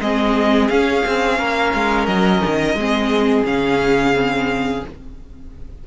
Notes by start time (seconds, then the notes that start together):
0.00 G#3 C4 G#4 D#5
0.68 C#4 F5
1.06 C4
1.38 A#3 A#4
1.74 G#3
2.06 F#3 D#5
2.46 D#3
2.74 G#3 C4 G#4
3.46 C#3 C#4 F5
4.13 C4